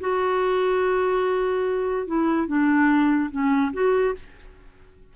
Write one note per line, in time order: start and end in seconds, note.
0.00 2.07 F#4
2.07 2.47 E4
2.47 3.30 D4
3.31 3.72 C#4
3.73 4.15 F#4